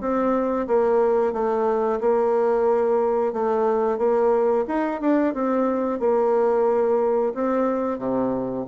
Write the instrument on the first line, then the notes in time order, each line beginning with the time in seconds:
bassoon
0.00 C4
0.67 A#3
1.32 A3
2.00 A#3
3.32 A3
3.98 A#3
4.67 D#4
5.00 D4
5.33 C4
5.99 A#3
7.34 C4
7.98 C3